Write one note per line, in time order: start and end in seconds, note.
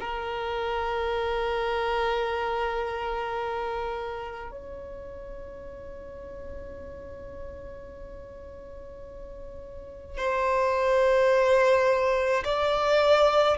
0.00 4.51 A#4
4.51 10.17 C#5
10.17 12.44 C5
12.44 13.57 D5